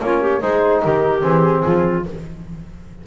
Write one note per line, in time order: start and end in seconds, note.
0.00 0.41 A#3
0.00 0.42 C#4
0.00 0.22 F4
0.00 0.42 C#5
0.22 0.41 G4
0.41 0.84 G#3
0.41 1.21 D#4
0.41 0.82 G#4
0.41 0.84 C5
0.84 1.24 D#3
0.84 1.65 G4
0.84 1.23 A#4
1.21 1.65 E3
1.21 2.04 C4
1.21 2.06 G#4
1.65 2.07 F3
1.65 2.06 F4